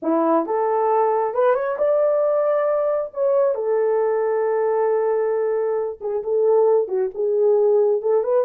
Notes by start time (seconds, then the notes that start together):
0.02 E4
0.45 A4
1.34 B4
1.54 C#5
1.77 D5
3.13 C#5
3.54 A4
6.00 G#4
6.23 A4
6.88 F#4
7.14 G#4
8.01 A4
8.23 B4